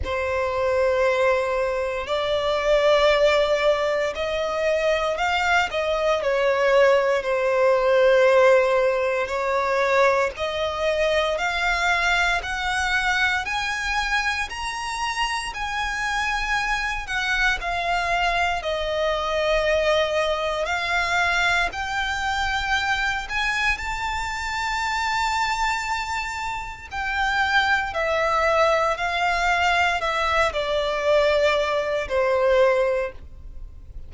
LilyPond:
\new Staff \with { instrumentName = "violin" } { \time 4/4 \tempo 4 = 58 c''2 d''2 | dis''4 f''8 dis''8 cis''4 c''4~ | c''4 cis''4 dis''4 f''4 | fis''4 gis''4 ais''4 gis''4~ |
gis''8 fis''8 f''4 dis''2 | f''4 g''4. gis''8 a''4~ | a''2 g''4 e''4 | f''4 e''8 d''4. c''4 | }